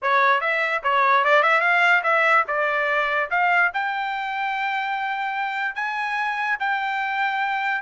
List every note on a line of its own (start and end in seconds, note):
0.01 0.41 C#5
0.41 0.82 E5
0.83 1.24 C#5
1.24 1.43 D5
1.43 1.60 E5
1.60 2.01 F5
2.03 2.44 E5
2.47 3.29 D5
3.30 3.71 F5
3.73 5.75 G5
5.75 6.57 G#5
6.59 7.81 G5